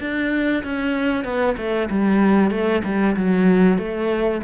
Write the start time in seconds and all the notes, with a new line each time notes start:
0.00 D4
0.63 C#4
1.24 B3
1.57 A3
1.90 G3
2.50 A3
2.84 G3
3.16 F#3
3.78 A3